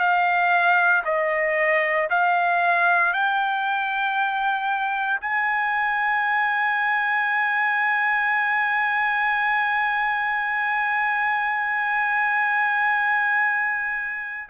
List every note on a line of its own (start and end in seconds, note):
0.00 1.03 F5
1.05 2.09 D#5
2.10 3.13 F5
3.13 5.20 G5
5.21 14.50 G#5